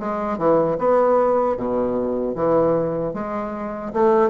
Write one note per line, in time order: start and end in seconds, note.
0.00 0.38 G#3
0.38 0.78 E3
0.79 1.57 B3
1.57 2.35 B2
2.35 3.14 E3
3.14 3.93 G#3
3.94 4.31 A3